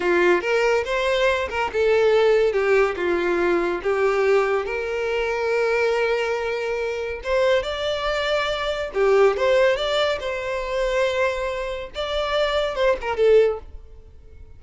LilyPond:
\new Staff \with { instrumentName = "violin" } { \time 4/4 \tempo 4 = 141 f'4 ais'4 c''4. ais'8 | a'2 g'4 f'4~ | f'4 g'2 ais'4~ | ais'1~ |
ais'4 c''4 d''2~ | d''4 g'4 c''4 d''4 | c''1 | d''2 c''8 ais'8 a'4 | }